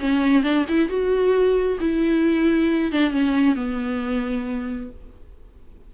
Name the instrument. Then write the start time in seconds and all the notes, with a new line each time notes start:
viola
0.00 C#4
0.44 D4
0.69 E4
0.89 F#4
1.81 E4
2.92 D4
3.11 C#4
3.56 B3